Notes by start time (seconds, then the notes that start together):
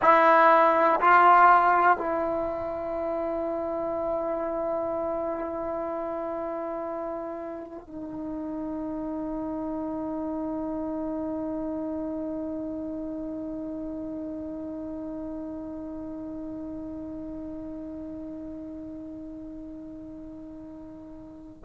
0.01 E4
1.00 F4
1.97 E4
7.86 D#4